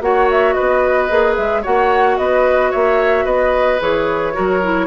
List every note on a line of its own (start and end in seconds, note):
0.00 0.54 A#3
0.00 1.09 F#4
0.00 0.55 C#5
0.00 0.29 F#5
0.30 0.52 E5
0.52 1.62 B4
0.52 1.34 D#5
0.60 1.10 B3
1.09 1.37 A#3
1.09 1.63 G#4
1.36 1.65 G#3
1.36 1.63 E5
1.62 2.18 A#3
1.62 3.79 F#4
1.62 2.16 C#5
1.62 2.17 F#5
2.17 2.72 B3
2.17 2.70 B4
2.17 2.71 D#5
2.70 3.25 A#3
2.70 3.25 C#5
2.70 3.25 E5
3.25 3.79 B3
3.25 4.33 B4
3.25 3.80 D#5
3.80 4.35 E3
3.80 4.33 G#4
3.80 4.86 C#5
4.33 4.86 F#3
4.33 4.60 F#4
4.33 4.86 A#4
4.62 4.86 E4